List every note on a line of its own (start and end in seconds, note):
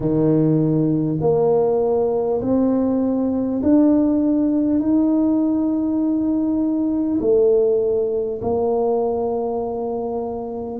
0.00 1.18 D#3
1.20 2.40 A#3
2.41 3.61 C4
3.62 4.79 D4
4.79 7.19 D#4
7.20 8.40 A3
8.41 10.79 A#3